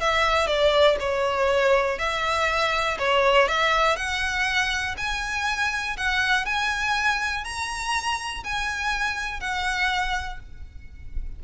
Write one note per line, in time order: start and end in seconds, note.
0.00 0.47 E5
0.47 0.96 D5
1.00 1.98 C#5
1.98 2.98 E5
2.98 3.48 C#5
3.48 3.96 E5
3.96 4.95 F#5
4.97 5.96 G#5
5.97 6.45 F#5
6.45 7.44 G#5
7.44 8.43 A#5
8.43 9.40 G#5
9.40 10.39 F#5